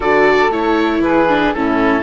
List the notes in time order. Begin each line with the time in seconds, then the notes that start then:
0.00 D3 F#4 A4 D5
0.50 A3 E4 C#5
0.99 E3 G#4 B4
1.29 D4
1.53 A2 C#4 E4 A4